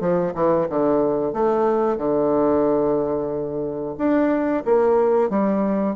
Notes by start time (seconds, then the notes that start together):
0.00 F3
0.34 E3
0.70 D3
1.33 A3
1.97 D3
3.98 D4
4.65 A#3
5.30 G3